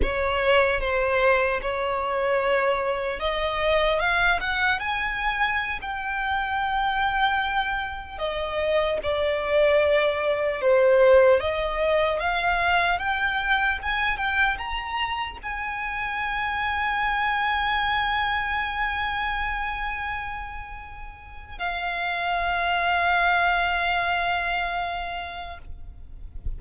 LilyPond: \new Staff \with { instrumentName = "violin" } { \time 4/4 \tempo 4 = 75 cis''4 c''4 cis''2 | dis''4 f''8 fis''8 gis''4~ gis''16 g''8.~ | g''2~ g''16 dis''4 d''8.~ | d''4~ d''16 c''4 dis''4 f''8.~ |
f''16 g''4 gis''8 g''8 ais''4 gis''8.~ | gis''1~ | gis''2. f''4~ | f''1 | }